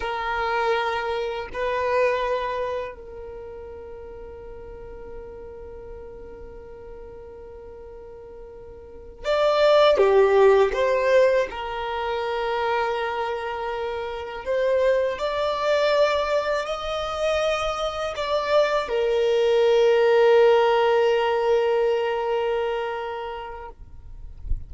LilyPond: \new Staff \with { instrumentName = "violin" } { \time 4/4 \tempo 4 = 81 ais'2 b'2 | ais'1~ | ais'1~ | ais'8 d''4 g'4 c''4 ais'8~ |
ais'2.~ ais'8 c''8~ | c''8 d''2 dis''4.~ | dis''8 d''4 ais'2~ ais'8~ | ais'1 | }